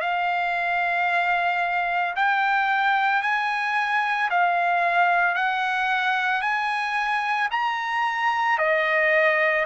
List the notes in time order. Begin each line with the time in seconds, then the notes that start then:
0.00 F5
2.15 G5
3.22 G#5
4.30 F5
5.35 F#5
6.41 G#5
7.51 A#5
8.58 D#5